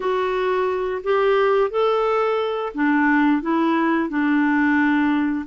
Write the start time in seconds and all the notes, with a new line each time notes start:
0.00 F#4
1.03 G4
1.70 A4
2.74 D4
3.42 E4
4.09 D4